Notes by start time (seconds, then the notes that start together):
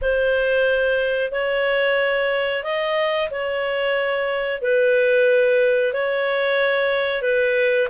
0.01 C5
1.31 C#5
2.63 D#5
3.30 C#5
4.61 B4
5.93 C#5
7.22 B4